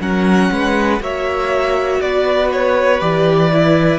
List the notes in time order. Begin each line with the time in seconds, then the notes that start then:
0.00 F#3 C#4 A#4 F#5
0.51 G#3 B4
1.00 A#3 F#4 C#5 E5
2.01 B3 B4 D5
2.52 C#5
3.00 E3 G4 D5
3.52 E4